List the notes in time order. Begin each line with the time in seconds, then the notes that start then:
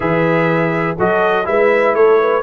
0.00 E3 G#4 B4 E5
0.97 F#3 F#4 A4 D#5
1.44 G#3 E4 B4 E5
1.94 A3 A4 C#5
2.20 B4